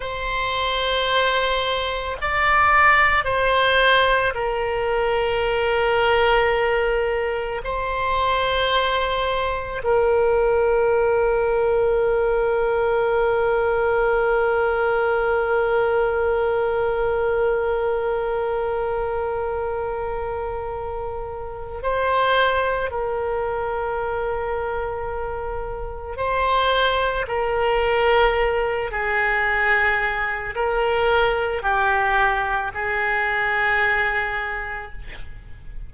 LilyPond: \new Staff \with { instrumentName = "oboe" } { \time 4/4 \tempo 4 = 55 c''2 d''4 c''4 | ais'2. c''4~ | c''4 ais'2.~ | ais'1~ |
ais'1 | c''4 ais'2. | c''4 ais'4. gis'4. | ais'4 g'4 gis'2 | }